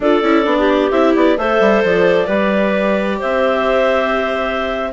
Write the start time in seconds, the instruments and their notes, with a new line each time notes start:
0.00 bassoon D4, viola F4, clarinet A4 D5
0.22 bassoon C#4, viola E4
0.44 bassoon B3, viola D4
0.58 clarinet G4
0.91 bassoon C4, viola E4, clarinet E5
1.15 bassoon B3, clarinet D5
1.37 bassoon A3, viola A4, clarinet C5 E5
1.60 bassoon G3
1.83 bassoon F3, clarinet D5
2.26 bassoon G3, viola G4, clarinet B4
3.18 bassoon C4, clarinet C5 E5